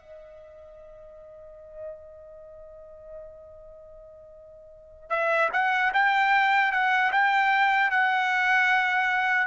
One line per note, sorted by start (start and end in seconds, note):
0.00 5.10 D#5
5.10 5.49 E5
5.53 5.92 F#5
5.94 6.72 G5
6.72 7.11 F#5
7.12 7.91 G5
7.91 9.47 F#5